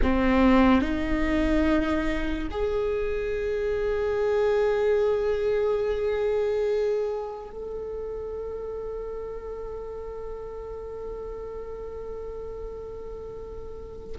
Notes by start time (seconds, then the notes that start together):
0.02 C4
0.81 D#4
2.50 G#4
7.50 A4